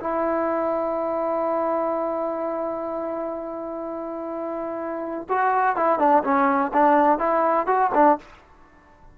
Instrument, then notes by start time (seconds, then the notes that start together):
trombone
0.00 E4
5.29 F#4
5.76 E4
5.99 D4
6.24 C#4
6.74 D4
7.19 E4
7.67 F#4
7.94 D4